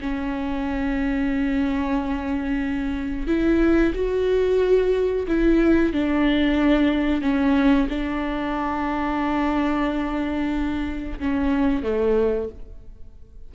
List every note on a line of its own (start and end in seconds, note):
0.00 3.27 C#4
3.27 3.93 E4
3.94 5.26 F#4
5.27 5.92 E4
5.92 7.21 D4
7.21 7.87 C#4
7.89 11.18 D4
11.19 11.83 C#4
11.83 12.49 A3